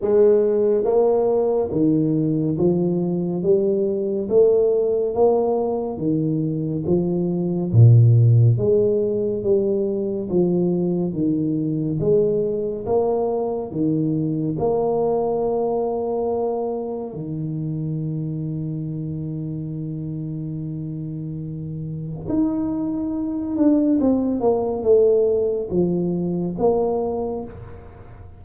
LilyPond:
\new Staff \with { instrumentName = "tuba" } { \time 4/4 \tempo 4 = 70 gis4 ais4 dis4 f4 | g4 a4 ais4 dis4 | f4 ais,4 gis4 g4 | f4 dis4 gis4 ais4 |
dis4 ais2. | dis1~ | dis2 dis'4. d'8 | c'8 ais8 a4 f4 ais4 | }